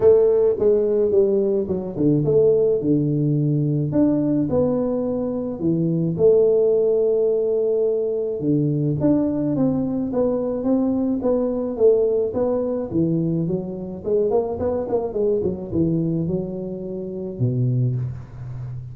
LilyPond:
\new Staff \with { instrumentName = "tuba" } { \time 4/4 \tempo 4 = 107 a4 gis4 g4 fis8 d8 | a4 d2 d'4 | b2 e4 a4~ | a2. d4 |
d'4 c'4 b4 c'4 | b4 a4 b4 e4 | fis4 gis8 ais8 b8 ais8 gis8 fis8 | e4 fis2 b,4 | }